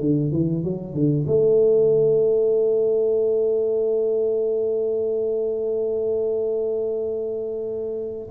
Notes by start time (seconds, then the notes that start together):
0.00 D3
0.32 E3
0.63 F#3
0.93 D3
1.26 A3